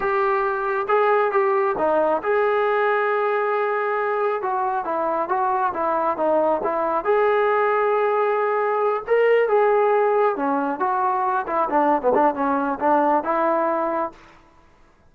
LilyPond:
\new Staff \with { instrumentName = "trombone" } { \time 4/4 \tempo 4 = 136 g'2 gis'4 g'4 | dis'4 gis'2.~ | gis'2 fis'4 e'4 | fis'4 e'4 dis'4 e'4 |
gis'1~ | gis'8 ais'4 gis'2 cis'8~ | cis'8 fis'4. e'8 d'8. b16 d'8 | cis'4 d'4 e'2 | }